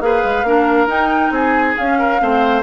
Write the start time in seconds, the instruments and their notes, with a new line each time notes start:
0.00 bassoon A#3, clarinet G#4, oboe B4, flute F5
0.24 bassoon G#3
0.43 bassoon A#3, clarinet D4, oboe A#4
0.86 bassoon D#4, clarinet D#4, flute G5
1.30 bassoon C4, oboe G#4, flute G#5
1.77 bassoon C#4, clarinet C#4, flute F5
1.99 oboe A#4
2.19 bassoon A3, clarinet C4, oboe C5